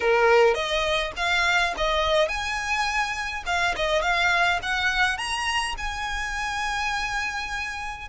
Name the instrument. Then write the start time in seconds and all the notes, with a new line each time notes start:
violin
0.00 A#4
0.54 D#5
1.16 F5
1.77 D#5
2.28 G#5
3.46 F5
3.76 D#5
4.01 F5
4.62 F#5
5.17 A#5
5.77 G#5